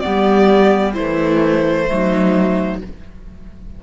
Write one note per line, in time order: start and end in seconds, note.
0.00 0.94 B3
0.00 0.94 G4
0.00 0.92 D5
0.07 0.98 G3
0.94 1.87 E3
0.94 1.90 A3
0.94 1.87 E4
0.94 2.79 C5
1.87 2.83 F#3
1.87 2.79 A3
1.87 2.84 D#4